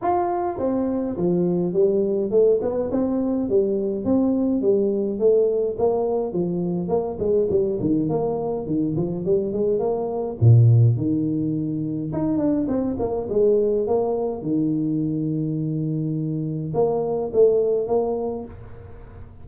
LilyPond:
\new Staff \with { instrumentName = "tuba" } { \time 4/4 \tempo 4 = 104 f'4 c'4 f4 g4 | a8 b8 c'4 g4 c'4 | g4 a4 ais4 f4 | ais8 gis8 g8 dis8 ais4 dis8 f8 |
g8 gis8 ais4 ais,4 dis4~ | dis4 dis'8 d'8 c'8 ais8 gis4 | ais4 dis2.~ | dis4 ais4 a4 ais4 | }